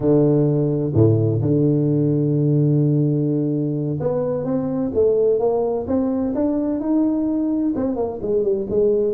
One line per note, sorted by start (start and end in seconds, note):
0.00 0.92 D3
0.94 1.40 A2
1.41 3.99 D3
4.00 4.44 B3
4.44 4.91 C4
4.93 5.39 A3
5.39 5.86 A#3
5.87 6.33 C4
6.34 6.79 D4
6.79 7.73 D#4
7.75 7.96 C4
7.96 8.19 A#3
8.22 8.43 G#3
8.43 8.66 G3
8.69 9.13 G#3